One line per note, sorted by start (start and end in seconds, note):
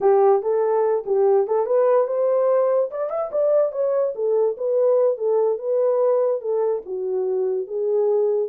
0.00 0.42 G4
0.42 1.04 A4
1.06 1.47 G4
1.47 1.66 A4
1.66 2.07 B4
2.07 2.90 C5
2.90 3.10 D5
3.10 3.30 E5
3.31 3.72 D5
3.72 4.13 C#5
4.15 4.56 A4
4.57 5.17 B4
5.17 5.58 A4
5.58 6.41 B4
6.41 6.82 A4
6.85 7.67 F#4
7.67 8.48 G#4